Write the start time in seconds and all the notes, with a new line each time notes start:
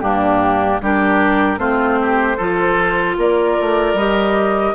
0.00 G2 A#3 D4 G4
0.81 G3 D4 G4 A#4
1.57 A3 C4 F4 C5
2.01 G4
2.37 F3 F4 A4
3.17 A#3 A#4 D5
3.60 A3
3.93 G3 G4 D#5